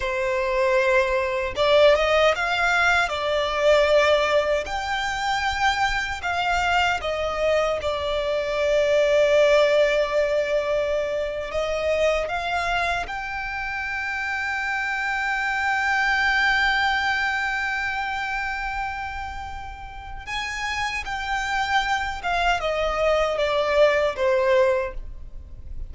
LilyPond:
\new Staff \with { instrumentName = "violin" } { \time 4/4 \tempo 4 = 77 c''2 d''8 dis''8 f''4 | d''2 g''2 | f''4 dis''4 d''2~ | d''2~ d''8. dis''4 f''16~ |
f''8. g''2.~ g''16~ | g''1~ | g''2 gis''4 g''4~ | g''8 f''8 dis''4 d''4 c''4 | }